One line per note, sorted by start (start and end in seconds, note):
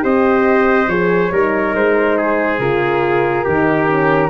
0.00 0.87 C4
0.00 0.86 G4
0.00 1.32 C5
0.00 0.89 D#5
0.87 1.30 F3
0.87 1.32 G#4
0.87 1.74 C#5
1.31 1.74 G3
1.31 2.60 D#4
1.31 2.17 A#4
1.74 2.59 G#3
1.74 2.59 C5
2.17 3.44 G#4
2.59 3.44 C#3
2.59 3.46 F4
2.59 4.30 A#4
3.44 4.30 D#3
3.44 3.86 D#4
3.44 4.30 G4
3.86 4.29 C#4